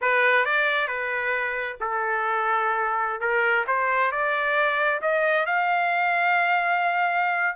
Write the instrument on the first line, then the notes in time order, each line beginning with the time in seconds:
trumpet
0.01 B4
0.45 D5
0.87 B4
1.80 A4
3.20 A#4
3.67 C5
4.11 D5
5.01 D#5
5.45 F5